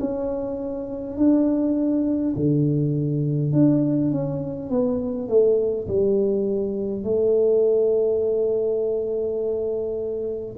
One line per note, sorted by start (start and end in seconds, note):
0.00 1.17 C#4
1.17 2.34 D4
2.36 3.52 D3
3.52 4.11 D4
4.11 4.70 C#4
4.70 5.28 B3
5.28 5.87 A3
5.87 7.03 G3
7.03 10.56 A3